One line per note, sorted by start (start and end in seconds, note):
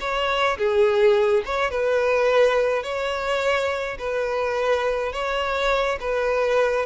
0.00 0.57 C#5
0.58 1.43 G#4
1.45 1.70 C#5
1.70 2.83 B4
2.83 3.97 C#5
3.98 5.12 B4
5.12 5.98 C#5
6.00 6.85 B4